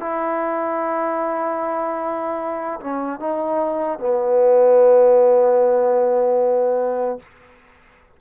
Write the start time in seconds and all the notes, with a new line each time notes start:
0.00 E4
2.81 C#4
3.20 D#4
3.99 B3